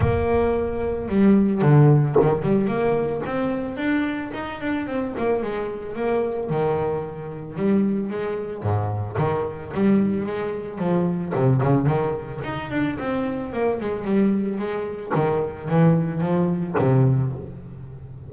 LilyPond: \new Staff \with { instrumentName = "double bass" } { \time 4/4 \tempo 4 = 111 ais2 g4 d4 | dis8 g8 ais4 c'4 d'4 | dis'8 d'8 c'8 ais8 gis4 ais4 | dis2 g4 gis4 |
gis,4 dis4 g4 gis4 | f4 c8 cis8 dis4 dis'8 d'8 | c'4 ais8 gis8 g4 gis4 | dis4 e4 f4 c4 | }